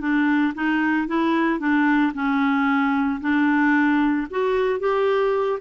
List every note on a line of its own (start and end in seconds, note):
0.00 0.53 D4
0.54 1.07 D#4
1.07 1.59 E4
1.59 2.12 D4
2.14 3.20 C#4
3.21 4.27 D4
4.30 4.79 F#4
4.79 5.59 G4